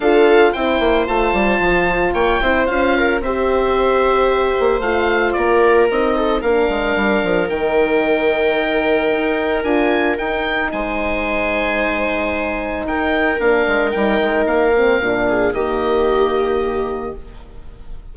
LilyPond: <<
  \new Staff \with { instrumentName = "oboe" } { \time 4/4 \tempo 4 = 112 f''4 g''4 a''2 | g''4 f''4 e''2~ | e''4 f''4 d''4 dis''4 | f''2 g''2~ |
g''2 gis''4 g''4 | gis''1 | g''4 f''4 g''4 f''4~ | f''4 dis''2. | }
  \new Staff \with { instrumentName = "viola" } { \time 4/4 a'4 c''2. | cis''8 c''4 ais'8 c''2~ | c''2 ais'4. a'8 | ais'1~ |
ais'1 | c''1 | ais'1~ | ais'8 gis'8 g'2. | }
  \new Staff \with { instrumentName = "horn" } { \time 4/4 f'4 e'4 f'2~ | f'8 e'8 f'4 g'2~ | g'4 f'2 dis'4 | d'2 dis'2~ |
dis'2 f'4 dis'4~ | dis'1~ | dis'4 d'4 dis'4. c'8 | d'4 ais2. | }
  \new Staff \with { instrumentName = "bassoon" } { \time 4/4 d'4 c'8 ais8 a8 g8 f4 | ais8 c'8 cis'4 c'2~ | c'8 ais8 a4 ais4 c'4 | ais8 gis8 g8 f8 dis2~ |
dis4 dis'4 d'4 dis'4 | gis1 | dis'4 ais8 gis8 g8 gis8 ais4 | ais,4 dis2. | }
>>